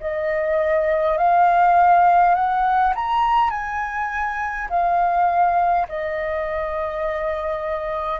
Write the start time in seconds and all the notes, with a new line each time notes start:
0.00 D#5
1.18 F5
2.35 F#5
2.95 A#5
3.50 G#5
4.70 F5
5.88 D#5